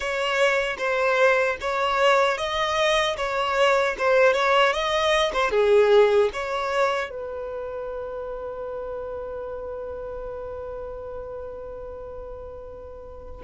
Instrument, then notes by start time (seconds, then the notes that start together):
violin
0.00 C#5
0.78 C5
1.60 C#5
2.37 D#5
3.16 C#5
3.98 C5
4.33 C#5
4.72 D#5
5.32 C5
5.50 G#4
6.33 C#5
7.09 B4